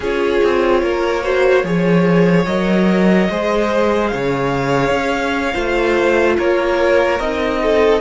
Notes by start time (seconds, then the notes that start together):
0.00 C#4 F4 G#4 C#5
0.43 C4
0.82 A#3 A#4
1.22 F#4 C5
1.63 F3 G#4 C#5
2.46 F#3 A#4 D#5
3.29 G#3 G#4 C5
4.08 C#3 C#5 F5
4.90 C#4
5.53 A3 F4 C5
6.36 A#3 A#4 C#5
7.19 C4 D#4 D#5
7.62 A4